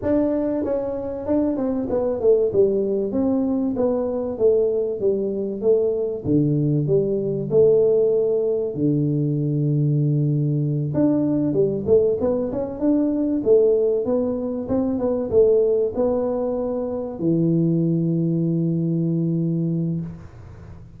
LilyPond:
\new Staff \with { instrumentName = "tuba" } { \time 4/4 \tempo 4 = 96 d'4 cis'4 d'8 c'8 b8 a8 | g4 c'4 b4 a4 | g4 a4 d4 g4 | a2 d2~ |
d4. d'4 g8 a8 b8 | cis'8 d'4 a4 b4 c'8 | b8 a4 b2 e8~ | e1 | }